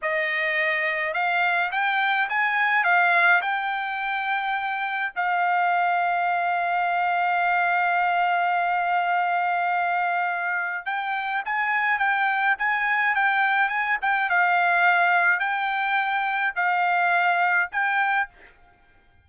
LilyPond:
\new Staff \with { instrumentName = "trumpet" } { \time 4/4 \tempo 4 = 105 dis''2 f''4 g''4 | gis''4 f''4 g''2~ | g''4 f''2.~ | f''1~ |
f''2. g''4 | gis''4 g''4 gis''4 g''4 | gis''8 g''8 f''2 g''4~ | g''4 f''2 g''4 | }